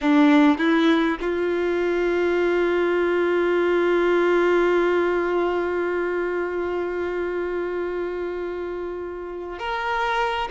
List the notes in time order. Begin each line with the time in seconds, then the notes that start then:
0.01 D4
0.58 E4
1.20 F4
9.58 A#4